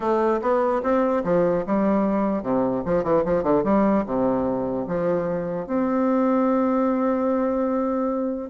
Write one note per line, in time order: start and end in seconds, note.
0.00 0.41 A3
0.41 0.82 B3
0.82 1.23 C4
1.24 1.64 F3
1.66 2.42 G3
2.42 2.83 C3
2.85 3.03 F3
3.03 3.23 E3
3.24 3.43 F3
3.43 3.63 D3
3.64 4.04 G3
4.05 4.86 C3
4.87 5.66 F3
5.66 8.50 C4